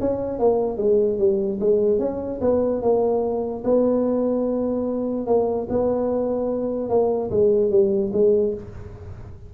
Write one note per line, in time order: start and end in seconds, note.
0.00 0.39 C#4
0.39 0.77 A#3
0.77 1.18 G#3
1.18 1.59 G3
1.60 1.99 G#3
1.99 2.40 C#4
2.41 2.81 B3
2.81 3.63 A#3
3.64 5.26 B3
5.26 5.67 A#3
5.69 6.89 B3
6.89 7.30 A#3
7.30 7.71 G#3
7.71 8.11 G3
8.13 8.54 G#3